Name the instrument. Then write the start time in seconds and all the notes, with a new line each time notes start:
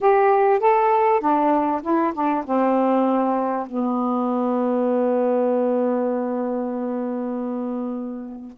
saxophone
0.01 G4
0.59 A4
1.20 D4
1.82 E4
2.13 D4
2.45 C4
3.66 B3